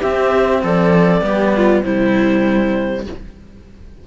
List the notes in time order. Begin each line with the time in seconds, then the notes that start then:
0.00 C4 G4 E5
0.63 F3 A4 D5
1.21 G3 B3 G4
1.56 F4
1.83 C3 G3 E4 C5